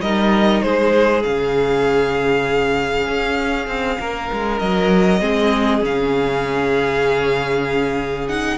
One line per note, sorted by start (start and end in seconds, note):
0.00 0.61 G3
0.00 1.22 D#4
0.00 0.63 A#4
0.00 0.61 D#5
0.61 1.24 G#3
0.61 4.00 G#4
0.61 1.23 C5
1.22 3.07 C#3
1.22 5.20 C#4
1.22 4.58 F5
3.07 3.67 C#4
3.67 3.97 C4
3.99 4.30 A#3
3.99 5.20 A#4
4.32 4.61 G#3
4.58 5.21 F#3
4.58 5.81 D#5
5.20 5.82 G#3
5.20 5.80 C4
5.20 8.57 G#4
5.80 8.57 C#3
5.80 8.25 C#4
5.80 8.28 F5
8.28 8.57 D#4
8.28 8.57 F#5